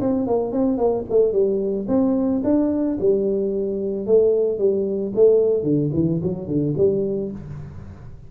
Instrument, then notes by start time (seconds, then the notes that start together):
tuba
0.00 C4
0.27 A#3
0.52 C4
0.77 A#3
1.09 A3
1.32 G3
1.88 C4
2.44 D4
3.00 G3
4.06 A3
4.58 G3
5.15 A3
5.63 D3
5.93 E3
6.22 F#3
6.47 D3
6.77 G3